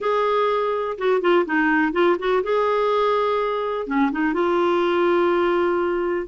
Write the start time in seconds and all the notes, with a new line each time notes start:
0.00 G#4
0.98 F#4
1.21 F4
1.45 D#4
1.92 F4
2.18 F#4
2.43 G#4
3.86 C#4
4.11 D#4
4.33 F4